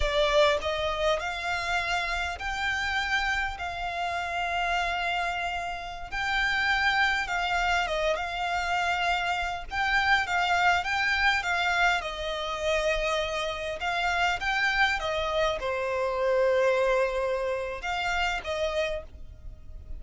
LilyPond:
\new Staff \with { instrumentName = "violin" } { \time 4/4 \tempo 4 = 101 d''4 dis''4 f''2 | g''2 f''2~ | f''2~ f''16 g''4.~ g''16~ | g''16 f''4 dis''8 f''2~ f''16~ |
f''16 g''4 f''4 g''4 f''8.~ | f''16 dis''2. f''8.~ | f''16 g''4 dis''4 c''4.~ c''16~ | c''2 f''4 dis''4 | }